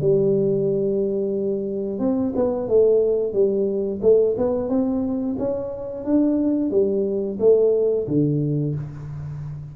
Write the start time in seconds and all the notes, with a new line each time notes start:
0.00 G3
1.99 C4
2.35 B3
2.68 A3
3.32 G3
4.01 A3
4.37 B3
4.69 C4
5.38 C#4
6.04 D4
6.70 G3
7.39 A3
8.07 D3